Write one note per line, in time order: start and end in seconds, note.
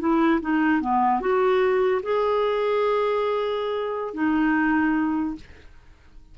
0.00 0.41 E4
0.41 0.81 D#4
0.81 1.21 B3
1.21 2.02 F#4
2.03 4.14 G#4
4.14 5.36 D#4